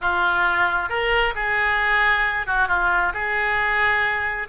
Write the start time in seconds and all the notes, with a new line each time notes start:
0.01 F4
0.89 A#4
1.35 G#4
2.46 F#4
2.67 F4
3.13 G#4